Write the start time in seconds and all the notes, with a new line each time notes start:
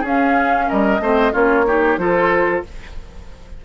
0.00 C#4 G#4
0.07 F5
0.68 G3 A#4 D#5
0.99 A3 C4 C5
1.32 A#3 C#4 F4 C#5
1.67 D#4 G4
1.98 F3 F4 A4 C5